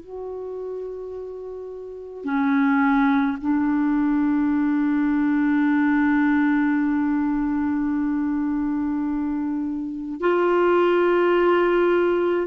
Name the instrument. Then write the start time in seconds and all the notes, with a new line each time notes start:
clarinet
0.00 F#4
2.24 C#4
3.41 D4
10.20 F4